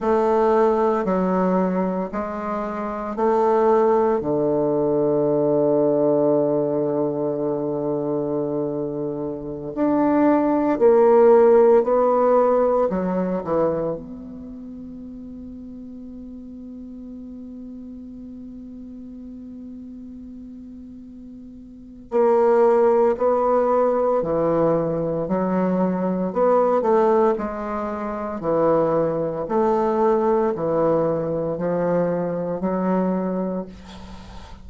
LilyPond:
\new Staff \with { instrumentName = "bassoon" } { \time 4/4 \tempo 4 = 57 a4 fis4 gis4 a4 | d1~ | d4~ d16 d'4 ais4 b8.~ | b16 fis8 e8 b2~ b8.~ |
b1~ | b4 ais4 b4 e4 | fis4 b8 a8 gis4 e4 | a4 e4 f4 fis4 | }